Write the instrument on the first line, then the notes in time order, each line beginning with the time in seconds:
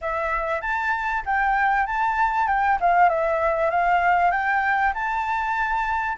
flute
0.01 E5
0.61 A5
1.25 G5
1.86 A5
2.47 G5
2.80 F5
3.09 E5
3.70 F5
4.31 G5
4.93 A5